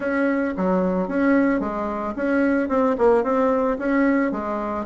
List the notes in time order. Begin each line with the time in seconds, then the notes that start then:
0.00 C#4
0.57 F#3
1.08 C#4
1.60 G#3
2.15 C#4
2.69 C4
2.98 A#3
3.23 C4
3.78 C#4
4.31 G#3